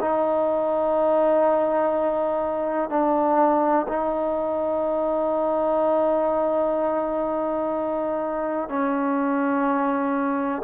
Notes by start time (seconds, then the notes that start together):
0.00 D#4
2.89 D4
3.88 D#4
8.68 C#4